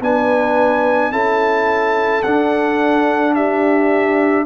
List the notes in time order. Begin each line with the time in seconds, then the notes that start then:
0.00 B3 D4 B4 G#5
1.11 C#4 E4 A4 A5
2.22 D4 F#5
3.34 G4 E5